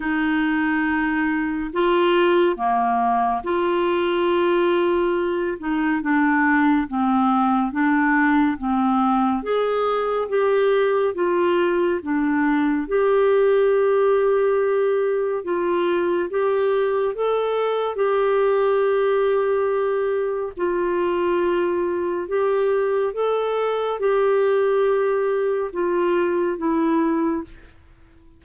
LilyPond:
\new Staff \with { instrumentName = "clarinet" } { \time 4/4 \tempo 4 = 70 dis'2 f'4 ais4 | f'2~ f'8 dis'8 d'4 | c'4 d'4 c'4 gis'4 | g'4 f'4 d'4 g'4~ |
g'2 f'4 g'4 | a'4 g'2. | f'2 g'4 a'4 | g'2 f'4 e'4 | }